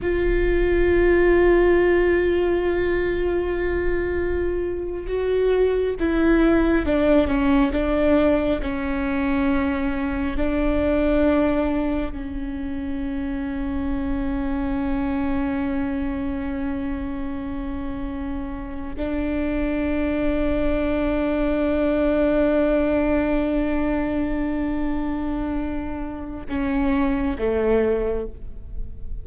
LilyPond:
\new Staff \with { instrumentName = "viola" } { \time 4/4 \tempo 4 = 68 f'1~ | f'4.~ f'16 fis'4 e'4 d'16~ | d'16 cis'8 d'4 cis'2 d'16~ | d'4.~ d'16 cis'2~ cis'16~ |
cis'1~ | cis'4. d'2~ d'8~ | d'1~ | d'2 cis'4 a4 | }